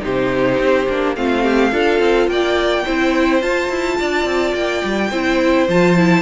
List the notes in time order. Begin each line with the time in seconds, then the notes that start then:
0.00 C3 D#4 G4 C5
0.58 C4
0.89 A#3 D4
1.16 A3 C4 F4 F5
1.43 G4
1.71 D4 F4 A4
1.99 C4
2.27 A#3 D5 G5
2.85 C4 E4 C5
3.41 F4 A5
3.69 E4
4.00 D4 D5
4.25 C4
4.54 A#3 G5
4.84 G3
5.11 C4 E4 C5
5.68 F3 F4 A5
5.97 E4